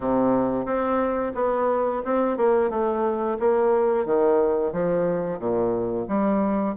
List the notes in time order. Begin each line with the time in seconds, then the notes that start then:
0.00 C3
0.65 C4
1.35 B3
2.04 C4
2.37 A#3
2.70 A3
3.39 A#3
4.05 D#3
4.72 F3
5.39 A#2
6.07 G3